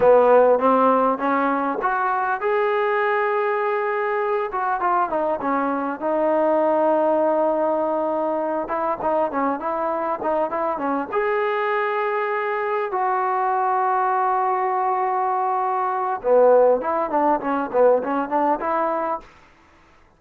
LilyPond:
\new Staff \with { instrumentName = "trombone" } { \time 4/4 \tempo 4 = 100 b4 c'4 cis'4 fis'4 | gis'2.~ gis'8 fis'8 | f'8 dis'8 cis'4 dis'2~ | dis'2~ dis'8 e'8 dis'8 cis'8 |
e'4 dis'8 e'8 cis'8 gis'4.~ | gis'4. fis'2~ fis'8~ | fis'2. b4 | e'8 d'8 cis'8 b8 cis'8 d'8 e'4 | }